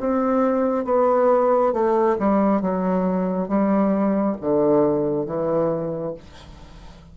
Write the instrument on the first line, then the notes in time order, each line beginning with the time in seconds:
bassoon
0.00 C4
0.85 B3
1.73 A3
2.19 G3
2.62 F#3
3.48 G3
4.41 D3
5.26 E3